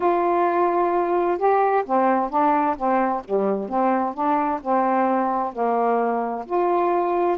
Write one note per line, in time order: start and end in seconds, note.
0.00 1.37 F4
1.37 1.84 G4
1.85 2.30 C4
2.30 2.76 D4
2.76 3.22 C4
3.24 3.69 G3
3.69 4.13 C4
4.13 4.60 D4
4.61 5.53 C4
5.53 6.45 A#3
6.46 7.38 F4